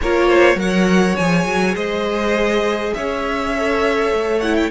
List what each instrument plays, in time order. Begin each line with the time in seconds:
0.01 cello A#3, viola F4, violin A#4 C#5
0.27 violin C5
0.55 cello F#3, viola A#4, violin F#5
0.61 violin C#5
1.16 cello F3, viola G#4, violin G#5
1.45 cello F#3
1.75 cello G#3, violin C5 D#5
2.94 cello C#4, violin C#5 E5
3.56 viola A4
4.12 cello A3
4.40 viola E4, violin F#5
4.55 violin G5